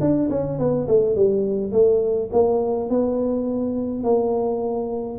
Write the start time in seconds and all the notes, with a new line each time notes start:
0.00 D4
0.30 C#4
0.58 B3
0.88 A3
1.15 G3
1.72 A3
2.32 A#3
2.89 B3
4.03 A#3